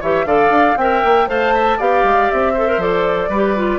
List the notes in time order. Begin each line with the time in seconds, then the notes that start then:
0.00 E3 G4 C#5 E5
0.25 D3 A4 D5 F5
0.50 D4
0.76 C4 A#4 E5 G5
1.04 A#3
1.27 A3 C5 F5 A5
1.54 E5
1.78 B3 G4 D5 F5
2.03 G#3
2.31 C4 E5
2.53 A4 C5
2.67 A#4
2.77 F3 A4 D5
3.29 G3 G4 B4
3.56 F4